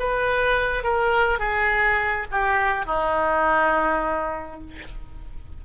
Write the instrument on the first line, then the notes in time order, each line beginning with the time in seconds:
oboe
0.00 B4
0.84 A#4
1.40 G#4
2.32 G4
2.86 D#4